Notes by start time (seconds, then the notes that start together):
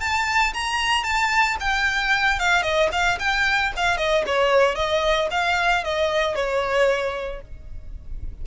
0.00 A5
0.53 A#5
1.04 A5
1.60 G5
2.39 F5
2.62 D#5
2.92 F5
3.19 G5
3.76 F5
3.97 D#5
4.26 C#5
4.75 D#5
5.31 F5
5.84 D#5
6.35 C#5